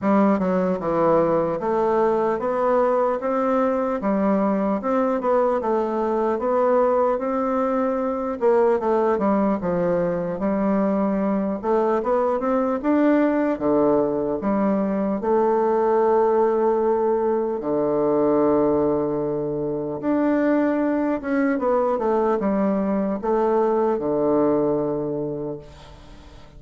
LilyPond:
\new Staff \with { instrumentName = "bassoon" } { \time 4/4 \tempo 4 = 75 g8 fis8 e4 a4 b4 | c'4 g4 c'8 b8 a4 | b4 c'4. ais8 a8 g8 | f4 g4. a8 b8 c'8 |
d'4 d4 g4 a4~ | a2 d2~ | d4 d'4. cis'8 b8 a8 | g4 a4 d2 | }